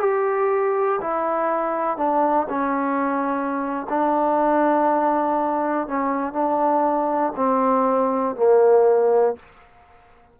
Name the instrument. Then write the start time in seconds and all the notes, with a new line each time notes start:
trombone
0.00 G4
1.02 E4
1.97 D4
2.49 C#4
3.89 D4
5.88 C#4
6.33 D4
7.36 C4
8.36 A#3